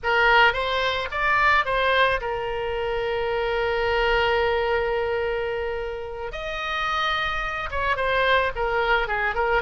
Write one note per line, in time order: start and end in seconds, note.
0.03 0.53 A#4
0.53 1.08 C5
1.11 1.65 D5
1.65 2.20 C5
2.20 6.32 A#4
6.32 7.69 D#5
7.70 7.96 C#5
7.96 8.51 C5
8.55 9.07 A#4
9.07 9.34 G#4
9.34 9.62 A#4